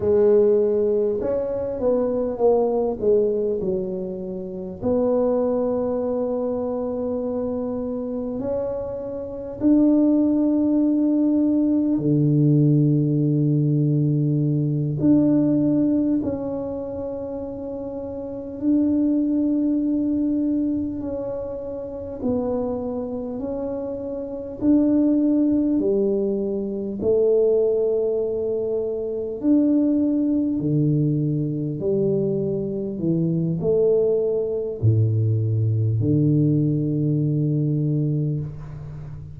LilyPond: \new Staff \with { instrumentName = "tuba" } { \time 4/4 \tempo 4 = 50 gis4 cis'8 b8 ais8 gis8 fis4 | b2. cis'4 | d'2 d2~ | d8 d'4 cis'2 d'8~ |
d'4. cis'4 b4 cis'8~ | cis'8 d'4 g4 a4.~ | a8 d'4 d4 g4 e8 | a4 a,4 d2 | }